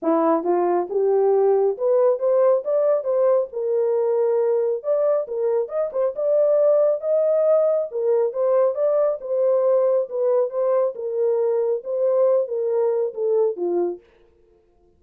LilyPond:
\new Staff \with { instrumentName = "horn" } { \time 4/4 \tempo 4 = 137 e'4 f'4 g'2 | b'4 c''4 d''4 c''4 | ais'2. d''4 | ais'4 dis''8 c''8 d''2 |
dis''2 ais'4 c''4 | d''4 c''2 b'4 | c''4 ais'2 c''4~ | c''8 ais'4. a'4 f'4 | }